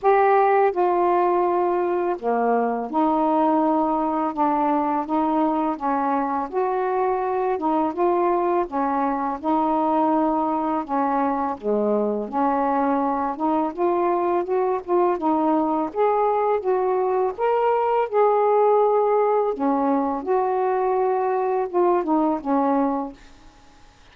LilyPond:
\new Staff \with { instrumentName = "saxophone" } { \time 4/4 \tempo 4 = 83 g'4 f'2 ais4 | dis'2 d'4 dis'4 | cis'4 fis'4. dis'8 f'4 | cis'4 dis'2 cis'4 |
gis4 cis'4. dis'8 f'4 | fis'8 f'8 dis'4 gis'4 fis'4 | ais'4 gis'2 cis'4 | fis'2 f'8 dis'8 cis'4 | }